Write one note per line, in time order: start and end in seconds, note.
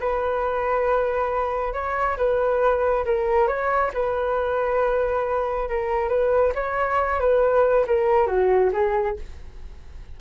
0.00 1.73 B4
1.73 2.17 C#5
2.17 3.05 B4
3.05 3.47 A#4
3.47 3.91 C#5
3.94 5.69 B4
5.69 6.09 A#4
6.09 6.53 B4
6.55 7.20 C#5
7.20 7.86 B4
7.87 8.27 A#4
8.27 8.71 F#4
8.73 9.16 G#4